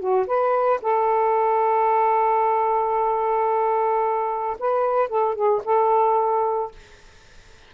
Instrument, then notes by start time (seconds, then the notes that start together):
saxophone
0.00 F#4
0.27 B4
0.82 A4
4.59 B4
5.09 A4
5.35 G#4
5.65 A4